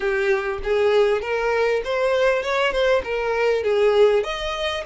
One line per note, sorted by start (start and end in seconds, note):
0.00 0.59 G4
0.63 1.21 G#4
1.21 1.82 A#4
1.84 2.42 C5
2.42 2.71 C#5
2.71 3.02 C5
3.04 3.63 A#4
3.63 4.23 G#4
4.23 4.84 D#5